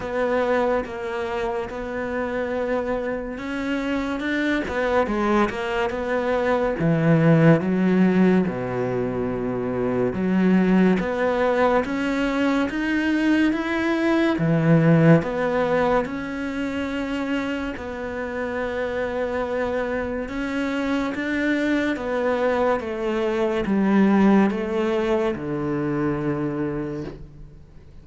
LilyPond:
\new Staff \with { instrumentName = "cello" } { \time 4/4 \tempo 4 = 71 b4 ais4 b2 | cis'4 d'8 b8 gis8 ais8 b4 | e4 fis4 b,2 | fis4 b4 cis'4 dis'4 |
e'4 e4 b4 cis'4~ | cis'4 b2. | cis'4 d'4 b4 a4 | g4 a4 d2 | }